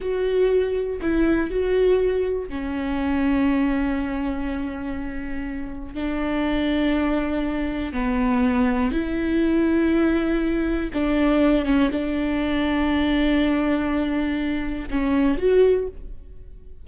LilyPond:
\new Staff \with { instrumentName = "viola" } { \time 4/4 \tempo 4 = 121 fis'2 e'4 fis'4~ | fis'4 cis'2.~ | cis'1 | d'1 |
b2 e'2~ | e'2 d'4. cis'8 | d'1~ | d'2 cis'4 fis'4 | }